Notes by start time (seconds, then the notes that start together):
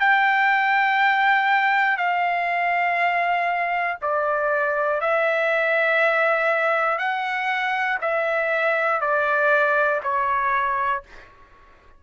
0.00 G5
1.97 F5
4.02 D5
5.01 E5
6.99 F#5
8.01 E5
9.01 D5
10.03 C#5